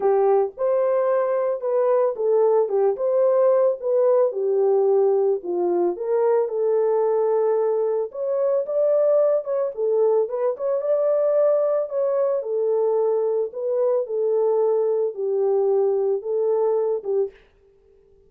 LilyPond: \new Staff \with { instrumentName = "horn" } { \time 4/4 \tempo 4 = 111 g'4 c''2 b'4 | a'4 g'8 c''4. b'4 | g'2 f'4 ais'4 | a'2. cis''4 |
d''4. cis''8 a'4 b'8 cis''8 | d''2 cis''4 a'4~ | a'4 b'4 a'2 | g'2 a'4. g'8 | }